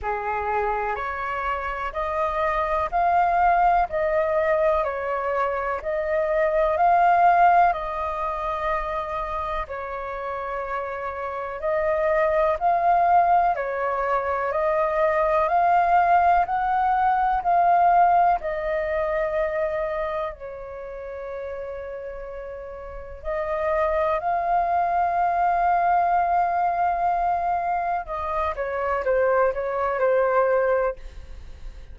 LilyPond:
\new Staff \with { instrumentName = "flute" } { \time 4/4 \tempo 4 = 62 gis'4 cis''4 dis''4 f''4 | dis''4 cis''4 dis''4 f''4 | dis''2 cis''2 | dis''4 f''4 cis''4 dis''4 |
f''4 fis''4 f''4 dis''4~ | dis''4 cis''2. | dis''4 f''2.~ | f''4 dis''8 cis''8 c''8 cis''8 c''4 | }